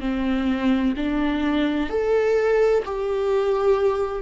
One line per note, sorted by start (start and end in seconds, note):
0.00 0.94 C4
0.96 1.89 D4
1.89 2.83 A4
2.85 4.22 G4